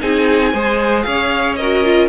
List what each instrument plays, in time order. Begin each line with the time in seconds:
0.00 cello C4, viola D#4, violin G#4 G#5
0.53 cello G#3, viola G#4, violin C5
1.02 cello C#4, violin C#5 F5
1.56 viola F#4, violin A#4 D#5
1.84 viola F4